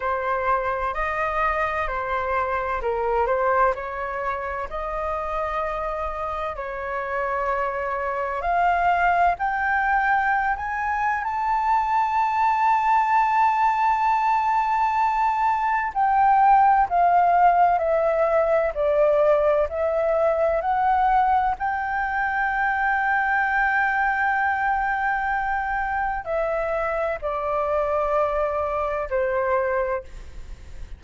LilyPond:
\new Staff \with { instrumentName = "flute" } { \time 4/4 \tempo 4 = 64 c''4 dis''4 c''4 ais'8 c''8 | cis''4 dis''2 cis''4~ | cis''4 f''4 g''4~ g''16 gis''8. | a''1~ |
a''4 g''4 f''4 e''4 | d''4 e''4 fis''4 g''4~ | g''1 | e''4 d''2 c''4 | }